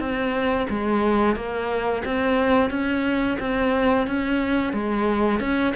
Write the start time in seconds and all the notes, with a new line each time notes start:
0.00 C4
0.70 G#3
1.36 A#3
2.05 C4
2.71 C#4
3.40 C4
4.07 C#4
4.73 G#3
5.40 C#4